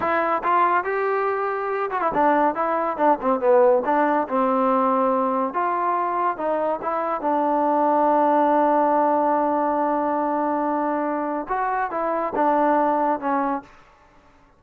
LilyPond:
\new Staff \with { instrumentName = "trombone" } { \time 4/4 \tempo 4 = 141 e'4 f'4 g'2~ | g'8 fis'16 e'16 d'4 e'4 d'8 c'8 | b4 d'4 c'2~ | c'4 f'2 dis'4 |
e'4 d'2.~ | d'1~ | d'2. fis'4 | e'4 d'2 cis'4 | }